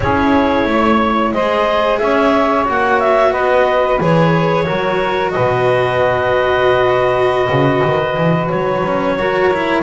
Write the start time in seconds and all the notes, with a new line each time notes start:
0.00 C#4 E4 G#4 C#5
0.65 A3 C#5
1.32 G#3 G#4 C5 D#5
1.98 C#4 C#5 E5
2.64 A#3 F#4 F#5
2.99 E5
3.31 B3 B4 D#5
4.00 E3 G#4 C#5
4.65 F#3 F#4 A#4
5.31 B4 D#5
5.37 B2
7.48 C#3
7.84 D#3
8.16 E3
8.48 F#3 C#5
8.85 C#4
9.18 F#4 A#4
9.53 E4